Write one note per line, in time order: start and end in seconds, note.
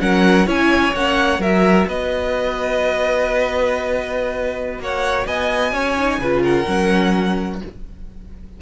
0.00 0.46 F#3
0.00 0.47 C#4
0.00 0.47 A#4
0.00 0.48 F#5
0.46 0.93 C#4
0.46 0.94 E4
0.46 1.41 C#5
0.46 0.95 G#5
0.94 1.39 A#3
0.94 1.41 C#4
0.94 1.42 F#5
1.39 1.86 F#3
1.39 5.98 F#4
1.39 1.88 A#4
1.39 1.89 E5
1.88 4.79 B3
1.88 4.82 B4
1.88 4.82 D#5
4.79 5.26 A#3
4.79 5.27 C#5
4.79 5.27 F#5
5.27 5.73 B3
5.27 5.74 D#5
5.27 6.44 G#5
5.73 6.19 C#4
5.73 6.20 C#5
5.98 6.21 D#4
6.19 6.65 C#3
6.19 6.67 F4
6.19 6.43 B4
6.43 7.60 A#4
6.43 7.61 F#5
6.67 7.62 F#3
6.67 7.60 C#4